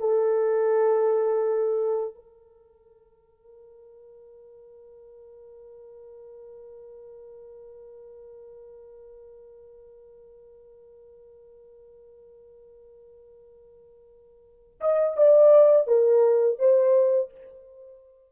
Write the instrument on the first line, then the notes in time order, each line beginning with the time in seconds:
horn
0.00 A4
2.15 A#4
14.81 D#5
15.17 D5
15.87 A#4
16.59 C5